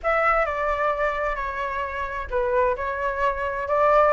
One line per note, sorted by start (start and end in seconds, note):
0.03 0.45 E5
0.45 1.35 D5
1.35 2.27 C#5
2.30 2.76 B4
2.76 3.68 C#5
3.68 4.13 D5